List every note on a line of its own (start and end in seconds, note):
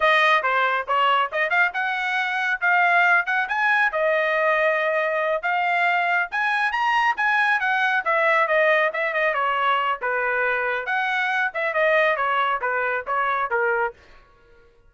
0.00 0.42 D#5
0.42 0.86 C5
0.87 1.30 C#5
1.31 1.49 D#5
1.49 1.71 F5
1.73 2.60 F#5
2.60 3.25 F5
3.26 3.47 F#5
3.48 3.92 G#5
3.92 5.42 D#5
5.42 6.29 F5
6.31 6.72 G#5
6.72 7.15 A#5
7.16 7.60 G#5
7.60 8.03 F#5
8.04 8.47 E5
8.47 8.91 D#5
8.93 9.13 E5
9.13 9.34 D#5
9.34 9.99 C#5
10.01 10.86 B4
10.86 11.51 F#5
11.54 11.73 E5
11.73 12.16 D#5
12.16 12.60 C#5
12.61 13.04 B4
13.07 13.50 C#5
13.50 13.93 A#4